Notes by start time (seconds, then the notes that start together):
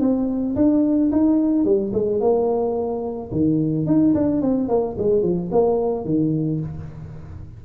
0.00 C4
0.56 D4
1.11 D#4
1.65 G3
1.93 G#3
2.20 A#3
3.32 D#3
3.86 D#4
4.14 D4
4.42 C4
4.68 A#3
4.98 G#3
5.22 F3
5.51 A#3
6.05 D#3